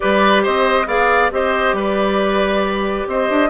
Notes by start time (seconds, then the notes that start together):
0.00 G3 G4 B4 D5
0.42 C4 C5 D#5
0.86 B3 G#4 D5 F5
1.31 C4 G4 C5 D#5
1.72 G3 B4 D5
3.07 C4 C5 D#5
3.29 D4